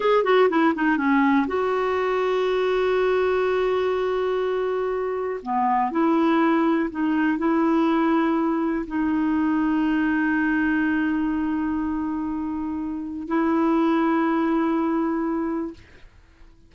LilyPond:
\new Staff \with { instrumentName = "clarinet" } { \time 4/4 \tempo 4 = 122 gis'8 fis'8 e'8 dis'8 cis'4 fis'4~ | fis'1~ | fis'2. b4 | e'2 dis'4 e'4~ |
e'2 dis'2~ | dis'1~ | dis'2. e'4~ | e'1 | }